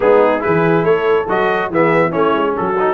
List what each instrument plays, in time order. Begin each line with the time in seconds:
0.00 tuba G#3, trombone B3, horn D#4, trumpet G#4
0.39 trombone E4, horn G#4, trumpet B4
0.45 tuba E3
0.83 tuba A3, horn A4, trumpet C#5
1.28 tuba F#3, trombone F#4, trumpet D#5
1.70 tuba E3, trombone B3, horn G#4, trumpet E5
2.08 tuba A3, trombone C#4, horn E4, trumpet C#5
2.32 tuba G#3
2.56 tuba F#3, horn F#4, trumpet A4
2.79 trombone D#4